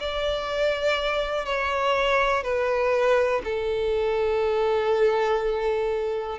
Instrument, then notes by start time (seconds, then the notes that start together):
violin
0.00 D5
1.46 C#5
2.44 B4
3.45 A4